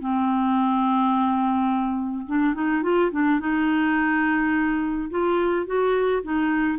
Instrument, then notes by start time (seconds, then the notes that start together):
clarinet
0.00 C4
2.27 D4
2.54 D#4
2.83 F4
3.12 D4
3.40 D#4
5.10 F4
5.66 F#4
6.23 D#4